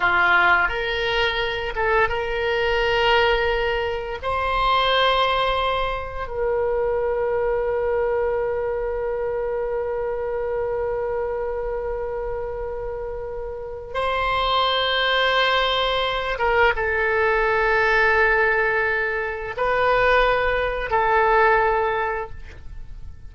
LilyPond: \new Staff \with { instrumentName = "oboe" } { \time 4/4 \tempo 4 = 86 f'4 ais'4. a'8 ais'4~ | ais'2 c''2~ | c''4 ais'2.~ | ais'1~ |
ais'1 | c''2.~ c''8 ais'8 | a'1 | b'2 a'2 | }